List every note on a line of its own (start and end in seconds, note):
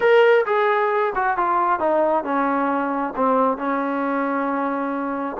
0.00 0.45 A#4
0.46 1.13 G#4
1.15 1.37 F#4
1.37 1.79 F4
1.79 2.24 D#4
2.24 3.13 C#4
3.15 3.57 C4
3.57 5.36 C#4